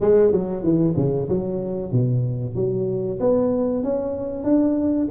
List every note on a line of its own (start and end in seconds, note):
0.01 0.32 G#3
0.32 0.63 F#3
0.63 0.95 E3
0.96 1.28 C#3
1.28 1.91 F#3
1.91 2.55 B2
2.55 3.19 F#3
3.19 3.83 B3
3.83 4.44 C#4
4.44 5.07 D4